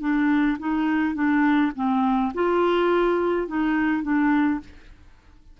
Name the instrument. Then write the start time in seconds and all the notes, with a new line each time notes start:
clarinet
0.00 D4
0.59 D#4
1.14 D4
1.75 C4
2.34 F4
3.47 D#4
4.02 D4